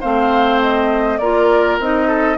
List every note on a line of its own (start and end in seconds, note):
0.00 1.19 A3
0.00 1.20 C4
0.00 1.19 C5
0.00 0.60 F5
0.61 1.17 D#5
1.17 1.78 A#3
1.17 1.81 F4
1.17 2.07 A#4
1.17 1.77 D5
1.78 2.37 C4
1.78 2.37 D#4
1.78 2.37 D#5
2.07 2.37 A4